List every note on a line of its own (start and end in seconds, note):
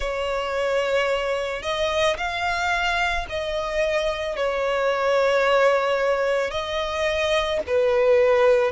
0.00 1.62 C#5
1.62 2.16 D#5
2.17 3.26 F5
3.29 4.36 D#5
4.36 6.51 C#5
6.51 7.60 D#5
7.67 8.71 B4